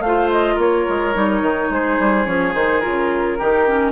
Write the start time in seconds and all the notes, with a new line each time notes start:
0.00 A3 C5 F5
0.06 F4
0.31 D#5
0.55 A#3 A#4 C#5
0.89 G#3
1.14 G3 D#4
1.42 D#3
1.70 G#3 G#4 C5
1.99 G3
2.25 F3 C#4 C#5
2.54 D#3 D#4 C5
2.80 C#3 F4 A#4
3.38 D#3 D#4 G4
3.68 C#4